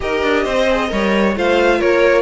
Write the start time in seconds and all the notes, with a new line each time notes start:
0.00 D#4 G4 A#4 D#5
0.22 D4
0.43 C4 C5
0.70 G#4
0.88 G3 A#4 C#5
1.36 A3 F4 C5 F5
1.78 A#3 A#4 C#5